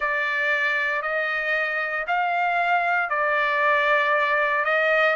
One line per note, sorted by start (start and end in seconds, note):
0.00 1.02 D5
1.02 2.05 D#5
2.07 3.09 F5
3.09 4.64 D5
4.64 5.15 D#5